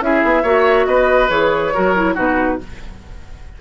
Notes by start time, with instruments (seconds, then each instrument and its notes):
0.00 bassoon C#4, clarinet E4, oboe G#4, flute E5
0.24 bassoon B3
0.43 bassoon A#3, clarinet F#4, oboe C#5
0.86 bassoon B3, oboe B4, flute D#5
1.29 bassoon E3, clarinet G#4, flute C#5
1.74 bassoon F#3, clarinet F#4, oboe A#4
1.96 clarinet E4
2.14 bassoon B2, clarinet D#4, oboe F#4, flute B4